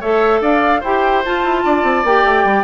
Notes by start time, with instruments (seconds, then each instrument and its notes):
0.00 bassoon A3, clarinet A4, oboe C#5, flute E5
0.41 bassoon D4, oboe D5, flute F5
0.81 bassoon E4, clarinet G4, oboe C5, flute G5
1.25 clarinet F4, bassoon F4, flute A5
1.44 bassoon E4
1.65 bassoon D4, oboe D5
1.84 bassoon C4
2.04 bassoon A#3, clarinet G4, flute G5
2.25 bassoon A3
2.45 bassoon G3